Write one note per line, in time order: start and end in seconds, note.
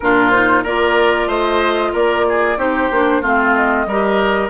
0.00 0.64 A#2
0.00 0.32 D4
0.00 0.63 F4
0.00 0.30 A#4
0.30 0.64 D#4
0.30 0.62 C5
0.63 1.26 A#3
0.63 2.58 F4
0.63 1.27 A#4
0.63 1.29 D5
1.26 1.90 A3
1.26 1.92 C5
1.26 1.93 D#5
1.92 2.57 A#3
1.92 2.25 A#4
1.92 2.59 D5
2.28 2.58 G#4
2.57 2.89 C4
2.57 2.90 D#4
2.57 3.21 G4
2.57 3.23 C5
2.91 3.21 A#3
2.91 3.22 D4
3.21 3.85 A3
3.21 3.87 C4
3.21 3.86 F4
3.21 3.55 F5
3.55 4.50 D#5
3.85 4.50 G3
3.85 4.50 G4
3.85 4.50 A#4